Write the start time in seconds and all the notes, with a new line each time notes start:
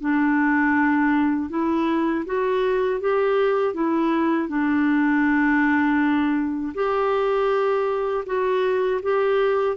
0.00 D4
1.49 E4
2.25 F#4
3.00 G4
3.74 E4
4.48 D4
6.74 G4
8.25 F#4
9.02 G4